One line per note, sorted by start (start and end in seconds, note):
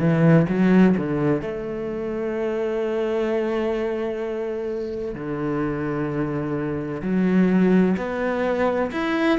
0.00 0.47 E3
0.49 0.96 F#3
0.97 1.42 D3
1.42 5.15 A3
5.15 7.02 D3
7.03 7.96 F#3
7.97 8.91 B3
8.92 9.39 E4